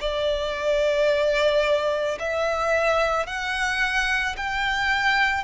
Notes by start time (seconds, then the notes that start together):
0.00 D5
2.19 E5
3.26 F#5
4.36 G5